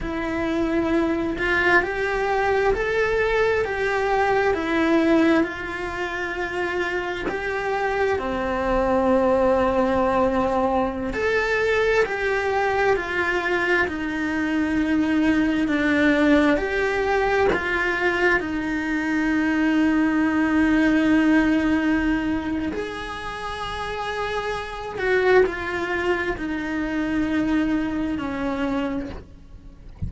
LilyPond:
\new Staff \with { instrumentName = "cello" } { \time 4/4 \tempo 4 = 66 e'4. f'8 g'4 a'4 | g'4 e'4 f'2 | g'4 c'2.~ | c'16 a'4 g'4 f'4 dis'8.~ |
dis'4~ dis'16 d'4 g'4 f'8.~ | f'16 dis'2.~ dis'8.~ | dis'4 gis'2~ gis'8 fis'8 | f'4 dis'2 cis'4 | }